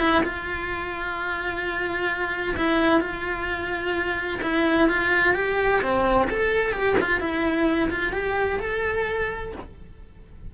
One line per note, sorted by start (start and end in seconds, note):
0.00 0.23 E4
0.24 2.56 F4
2.57 3.01 E4
3.01 4.41 F4
4.43 4.89 E4
4.89 5.35 F4
5.35 5.82 G4
5.82 6.29 C4
6.30 6.73 A4
6.73 6.96 G4
7.01 7.21 F4
7.21 7.90 E4
7.90 8.13 F4
8.13 8.60 G4
8.60 9.53 A4